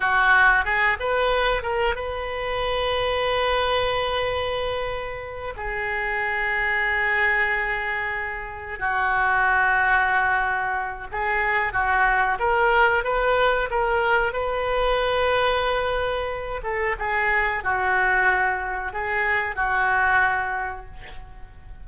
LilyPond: \new Staff \with { instrumentName = "oboe" } { \time 4/4 \tempo 4 = 92 fis'4 gis'8 b'4 ais'8 b'4~ | b'1~ | b'8 gis'2.~ gis'8~ | gis'4. fis'2~ fis'8~ |
fis'4 gis'4 fis'4 ais'4 | b'4 ais'4 b'2~ | b'4. a'8 gis'4 fis'4~ | fis'4 gis'4 fis'2 | }